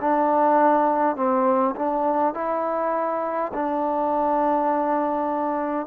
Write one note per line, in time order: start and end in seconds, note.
0.00 1.16 D4
1.16 1.75 C4
1.75 2.34 D4
2.34 3.51 E4
3.53 5.87 D4